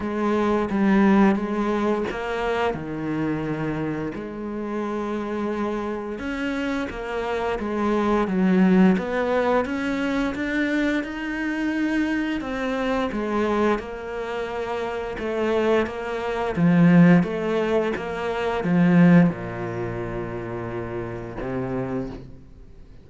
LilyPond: \new Staff \with { instrumentName = "cello" } { \time 4/4 \tempo 4 = 87 gis4 g4 gis4 ais4 | dis2 gis2~ | gis4 cis'4 ais4 gis4 | fis4 b4 cis'4 d'4 |
dis'2 c'4 gis4 | ais2 a4 ais4 | f4 a4 ais4 f4 | ais,2. c4 | }